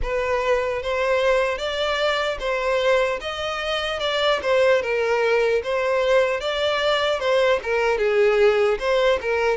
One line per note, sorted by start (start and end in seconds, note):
0.02 0.82 B4
0.82 1.58 C5
1.58 2.38 D5
2.39 3.19 C5
3.20 3.99 D#5
3.99 4.39 D5
4.42 4.81 C5
4.81 5.61 A#4
5.63 6.40 C5
6.40 7.19 D5
7.19 7.59 C5
7.62 7.98 A#4
7.98 8.78 G#4
8.79 9.19 C5
9.21 9.57 A#4